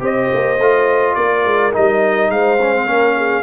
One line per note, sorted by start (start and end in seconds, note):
0.00 0.29 C4
0.00 0.57 G4
0.00 1.17 C5
0.00 1.15 D#5
0.33 0.59 A#3
0.59 1.16 A3
0.59 1.73 F4
1.15 1.45 A#3
1.15 2.32 A#4
1.15 1.72 D5
1.45 1.74 G#3
1.73 2.30 G3
1.73 2.58 D#4
1.73 2.31 D#5
2.30 2.86 G#3
2.30 2.87 C5
2.30 3.43 F5
2.62 2.75 C#4
2.75 2.86 C4
2.86 3.43 A#3
2.86 3.43 C#4
2.86 3.15 A#4
3.17 3.43 G#4